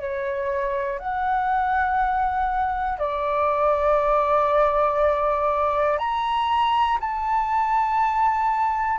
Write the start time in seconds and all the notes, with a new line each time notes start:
0.00 C#5
1.00 F#5
2.99 D5
5.98 A#5
7.00 A5